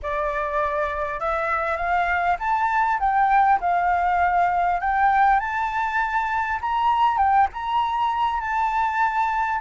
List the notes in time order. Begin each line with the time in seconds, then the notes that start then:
0.02 D5
1.20 E5
1.76 F5
2.39 A5
2.99 G5
3.60 F5
4.80 G5
5.39 A5
6.61 A#5
7.17 G5
7.53 A#5
8.40 A5